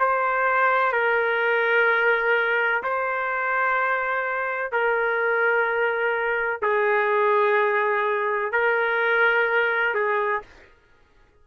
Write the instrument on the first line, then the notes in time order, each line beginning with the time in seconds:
trumpet
0.00 C5
0.92 A#4
2.84 C5
4.72 A#4
6.61 G#4
8.52 A#4
9.94 G#4